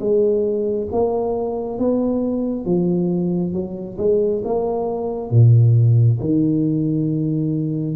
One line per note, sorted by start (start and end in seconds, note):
0.00 0.88 G#3
0.92 1.79 A#3
1.79 2.66 B3
2.66 3.53 F3
3.53 3.97 F#3
3.98 4.42 G#3
4.45 5.31 A#3
5.31 6.19 A#2
6.20 7.97 D#3